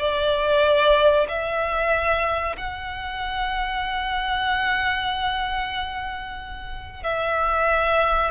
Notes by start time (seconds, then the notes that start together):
0.00 D5
1.29 E5
2.58 F#5
7.04 E5